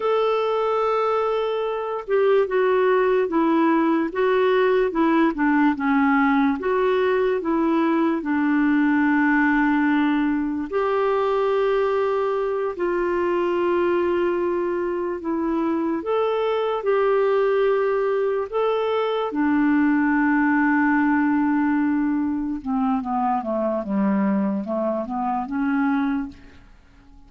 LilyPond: \new Staff \with { instrumentName = "clarinet" } { \time 4/4 \tempo 4 = 73 a'2~ a'8 g'8 fis'4 | e'4 fis'4 e'8 d'8 cis'4 | fis'4 e'4 d'2~ | d'4 g'2~ g'8 f'8~ |
f'2~ f'8 e'4 a'8~ | a'8 g'2 a'4 d'8~ | d'2.~ d'8 c'8 | b8 a8 g4 a8 b8 cis'4 | }